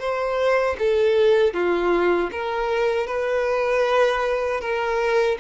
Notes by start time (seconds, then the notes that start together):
0.00 C5
0.79 A4
1.54 F4
2.32 A#4
3.07 B4
4.61 A#4